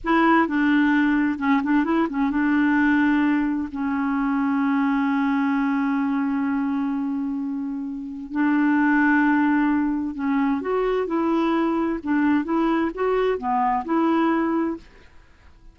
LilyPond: \new Staff \with { instrumentName = "clarinet" } { \time 4/4 \tempo 4 = 130 e'4 d'2 cis'8 d'8 | e'8 cis'8 d'2. | cis'1~ | cis'1~ |
cis'2 d'2~ | d'2 cis'4 fis'4 | e'2 d'4 e'4 | fis'4 b4 e'2 | }